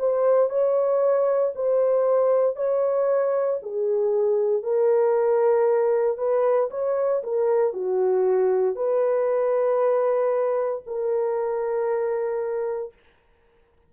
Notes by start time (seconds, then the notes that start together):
0.00 C5
0.50 C#5
1.56 C5
2.57 C#5
3.63 G#4
4.63 A#4
6.18 B4
6.71 C#5
7.24 A#4
7.74 F#4
8.76 B4
10.87 A#4